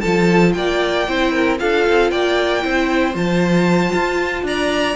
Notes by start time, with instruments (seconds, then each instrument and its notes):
0.00 cello F3, viola F4, violin A4 A5
0.53 cello A#3, violin D5 G5
1.08 cello C4, viola E4, violin C5
1.32 violin A#4
1.58 cello D4, viola F4, violin A4 F5
1.87 cello C4
2.10 cello A#3, violin D5 G5
2.61 cello C4, viola E4, violin C5
3.14 cello F3, viola F4, violin A5
3.93 cello F4
4.42 cello D4, violin D5 A#5